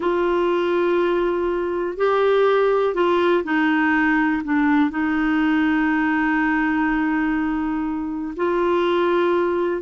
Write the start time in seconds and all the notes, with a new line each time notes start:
0.00 F4
1.97 G4
2.94 F4
3.44 D#4
4.44 D4
4.90 D#4
8.36 F4